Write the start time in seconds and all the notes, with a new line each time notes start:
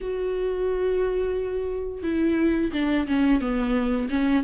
0.01 F#4
2.03 E4
2.72 D4
3.07 C#4
3.40 B3
4.09 C#4